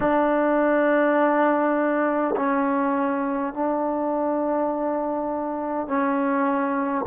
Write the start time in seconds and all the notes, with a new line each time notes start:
0.00 D4
2.36 C#4
3.53 D4
5.87 C#4